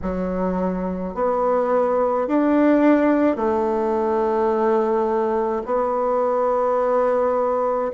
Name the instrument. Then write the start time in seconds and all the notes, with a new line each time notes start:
bassoon
0.02 F#3
1.14 B3
2.27 D4
3.36 A3
5.66 B3